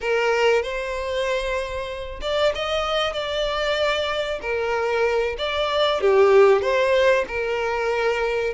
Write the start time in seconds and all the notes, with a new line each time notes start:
0.00 A#4
0.62 C5
2.21 D5
2.54 D#5
3.13 D5
4.41 A#4
5.37 D5
6.01 G4
6.61 C5
7.27 A#4